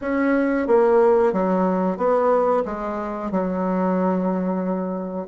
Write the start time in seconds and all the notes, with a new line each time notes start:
0.01 C#4
0.67 A#3
1.32 F#3
1.97 B3
2.65 G#3
3.31 F#3